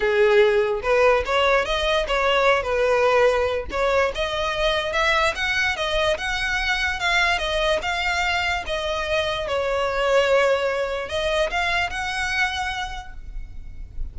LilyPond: \new Staff \with { instrumentName = "violin" } { \time 4/4 \tempo 4 = 146 gis'2 b'4 cis''4 | dis''4 cis''4. b'4.~ | b'4 cis''4 dis''2 | e''4 fis''4 dis''4 fis''4~ |
fis''4 f''4 dis''4 f''4~ | f''4 dis''2 cis''4~ | cis''2. dis''4 | f''4 fis''2. | }